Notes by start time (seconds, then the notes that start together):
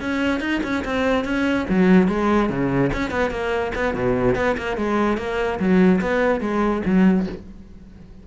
0.00 C#4
0.40 D#4
0.63 C#4
0.84 C4
1.24 C#4
1.69 F#3
2.08 G#3
2.49 C#3
2.93 C#4
3.11 B3
3.30 A#3
3.75 B3
3.94 B2
4.35 B3
4.57 A#3
4.77 G#3
5.17 A#3
5.59 F#3
6.01 B3
6.40 G#3
6.85 F#3